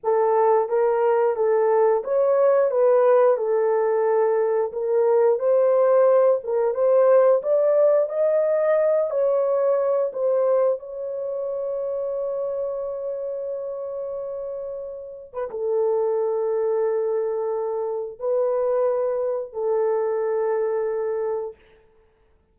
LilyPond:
\new Staff \with { instrumentName = "horn" } { \time 4/4 \tempo 4 = 89 a'4 ais'4 a'4 cis''4 | b'4 a'2 ais'4 | c''4. ais'8 c''4 d''4 | dis''4. cis''4. c''4 |
cis''1~ | cis''2~ cis''8. b'16 a'4~ | a'2. b'4~ | b'4 a'2. | }